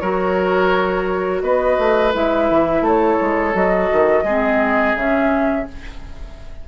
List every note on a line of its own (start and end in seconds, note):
0.00 1.42 F#3
0.00 2.13 F#4
0.00 1.42 A#4
0.00 1.41 C#5
1.42 1.77 B3
1.42 2.83 B4
1.42 2.13 D#5
1.79 2.14 A3
2.13 2.50 G#3
2.13 3.53 E4
2.13 2.86 E5
2.50 2.81 E3
2.81 3.16 A3
2.81 4.24 A4
2.81 3.55 C#5
3.21 3.54 G#3
3.53 3.90 F#3
3.53 4.24 F#4
3.53 4.97 D#5
3.92 4.23 D#3
4.23 4.94 G#3
4.23 4.97 C4
4.23 5.65 G#4
4.95 5.66 C#3
4.95 5.68 C#4
4.95 5.67 E5